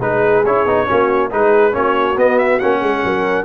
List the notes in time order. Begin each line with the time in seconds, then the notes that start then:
0.00 G#3 D#4 G#4 B4
0.45 C#4 E4 C#5
0.65 B3 D#4
0.87 A#3 C#4 F#4
1.31 G#3 D#4 G#4 B4
1.72 A#3 C#4 F#4 C#5
2.17 B3 D#5
2.38 E5
2.59 A#3 C#4 F#5
2.79 G#3 G#4
3.04 F#3 A#4